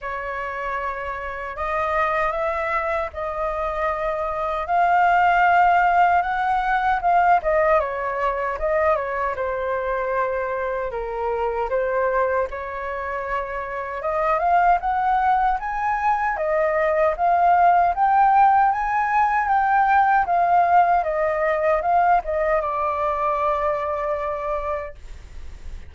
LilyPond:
\new Staff \with { instrumentName = "flute" } { \time 4/4 \tempo 4 = 77 cis''2 dis''4 e''4 | dis''2 f''2 | fis''4 f''8 dis''8 cis''4 dis''8 cis''8 | c''2 ais'4 c''4 |
cis''2 dis''8 f''8 fis''4 | gis''4 dis''4 f''4 g''4 | gis''4 g''4 f''4 dis''4 | f''8 dis''8 d''2. | }